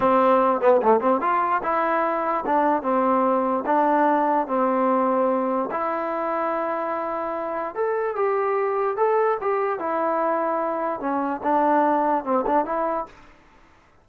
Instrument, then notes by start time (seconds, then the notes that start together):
trombone
0.00 C4
0.60 B3
0.82 A3
1.00 C4
1.20 F4
1.63 E4
2.46 D4
2.82 C4
3.65 D4
4.47 C4
5.71 E4
7.74 A4
8.15 G4
8.96 A4
9.41 G4
9.79 E4
11.00 C#4
11.43 D4
12.24 C4
12.46 D4
12.65 E4